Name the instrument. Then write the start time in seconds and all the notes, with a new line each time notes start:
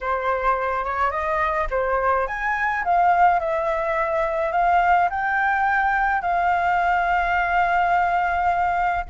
flute
0.01 C5
0.84 C#5
1.10 D#5
1.70 C5
2.27 G#5
2.84 F5
3.39 E5
4.52 F5
5.10 G5
6.21 F5